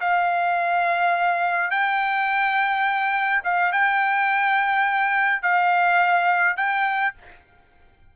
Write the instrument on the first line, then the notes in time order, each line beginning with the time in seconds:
trumpet
0.00 F5
1.70 G5
3.43 F5
3.72 G5
5.42 F5
6.57 G5